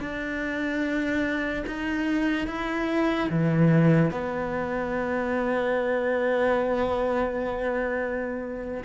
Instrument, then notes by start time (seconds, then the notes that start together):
cello
0.00 D4
1.67 D#4
2.47 E4
3.30 E3
4.11 B3